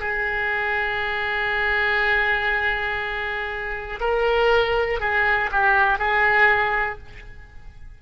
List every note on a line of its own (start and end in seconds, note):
0.00 4.00 G#4
4.01 5.01 A#4
5.01 5.51 G#4
5.52 5.99 G4
5.99 6.99 G#4